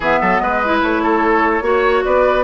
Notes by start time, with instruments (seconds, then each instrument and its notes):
0.00 bassoon E3, clarinet B3, oboe G#4, flute E5
0.21 bassoon F#3, oboe A4
0.38 bassoon G#3, oboe B4, flute D#5
0.64 clarinet E4
0.81 bassoon A3, flute C#5
1.03 oboe A4
1.61 bassoon A#3, clarinet F#4, oboe C#5
2.04 bassoon B3, oboe B4, flute D5